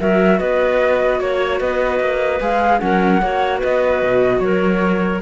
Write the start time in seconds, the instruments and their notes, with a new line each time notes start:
0.00 cello F#3, viola F#4, clarinet A#4, flute E5
0.39 cello B3, clarinet B4, flute D#5
1.19 cello A#3, flute C#5, clarinet C#5
1.60 cello B3, clarinet B4, flute D#5
2.00 cello A#3
2.41 cello G#3, viola G#4, flute F5
2.79 cello F#3, viola C#4, clarinet A#4, flute F#5
3.22 cello A#3, viola F#4, clarinet C#5
3.59 cello B3, clarinet B4, flute D#5
4.03 cello B2
4.39 cello F#3, clarinet A#4, flute C#5